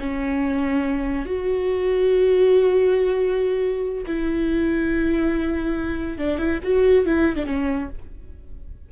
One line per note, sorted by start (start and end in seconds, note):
0.00 1.26 C#4
1.26 4.05 F#4
4.07 6.18 E4
6.18 6.39 D4
6.39 6.60 E4
6.63 7.06 F#4
7.06 7.37 E4
7.37 7.46 D4
7.46 7.89 C#4